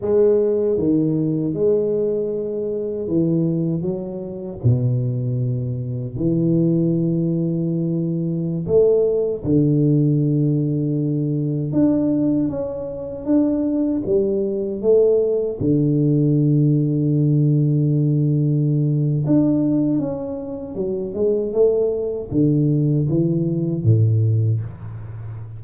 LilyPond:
\new Staff \with { instrumentName = "tuba" } { \time 4/4 \tempo 4 = 78 gis4 dis4 gis2 | e4 fis4 b,2 | e2.~ e16 a8.~ | a16 d2. d'8.~ |
d'16 cis'4 d'4 g4 a8.~ | a16 d2.~ d8.~ | d4 d'4 cis'4 fis8 gis8 | a4 d4 e4 a,4 | }